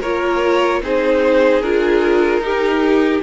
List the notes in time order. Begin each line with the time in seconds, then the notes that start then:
0.00 A#3 F4 A#4 C#5
0.82 C4 D#4 G#4 C5
1.61 D4 F4 A#4
2.39 D#4 G4